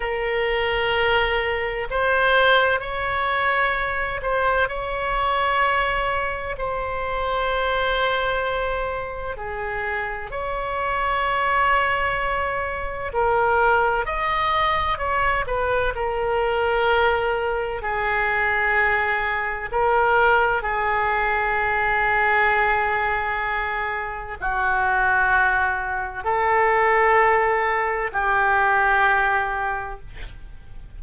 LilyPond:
\new Staff \with { instrumentName = "oboe" } { \time 4/4 \tempo 4 = 64 ais'2 c''4 cis''4~ | cis''8 c''8 cis''2 c''4~ | c''2 gis'4 cis''4~ | cis''2 ais'4 dis''4 |
cis''8 b'8 ais'2 gis'4~ | gis'4 ais'4 gis'2~ | gis'2 fis'2 | a'2 g'2 | }